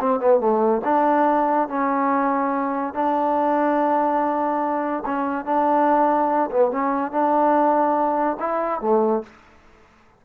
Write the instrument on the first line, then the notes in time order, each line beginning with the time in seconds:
trombone
0.00 C4
0.20 B3
0.40 A3
0.85 D4
1.68 C#4
2.94 D4
5.06 C#4
5.45 D4
6.51 B3
6.71 C#4
7.11 D4
8.40 E4
8.81 A3